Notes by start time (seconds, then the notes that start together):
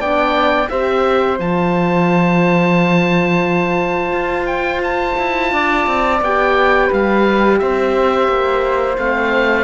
0.00 B3 D4 D5 G5
0.70 C4 G4 C5 E5
1.39 F3 F4 A5
4.11 F4
4.47 G5
4.84 A5
5.19 E4
5.53 D4 D5
5.87 C4
6.21 B3 G4 G5
6.88 G3 B4 F5
7.59 C4 C5 E5
8.29 A#3
8.98 A3 C4 F5